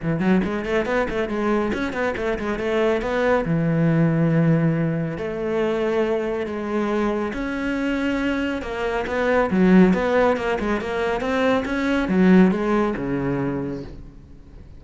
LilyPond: \new Staff \with { instrumentName = "cello" } { \time 4/4 \tempo 4 = 139 e8 fis8 gis8 a8 b8 a8 gis4 | cis'8 b8 a8 gis8 a4 b4 | e1 | a2. gis4~ |
gis4 cis'2. | ais4 b4 fis4 b4 | ais8 gis8 ais4 c'4 cis'4 | fis4 gis4 cis2 | }